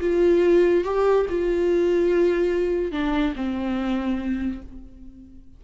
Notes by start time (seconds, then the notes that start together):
0.00 F4
0.84 G4
1.29 F4
2.92 D4
3.35 C4